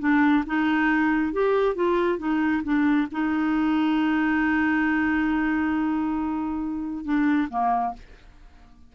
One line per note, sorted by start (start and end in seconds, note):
0.00 0.44 D4
0.47 1.33 D#4
1.33 1.75 G4
1.75 2.19 F4
2.19 2.63 D#4
2.64 3.08 D4
3.12 7.04 D#4
7.04 7.49 D4
7.50 7.94 A#3